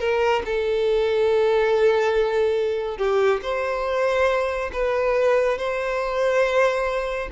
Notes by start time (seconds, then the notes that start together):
0.00 A#4
0.46 A4
2.98 G4
3.42 C5
4.73 B4
5.58 C5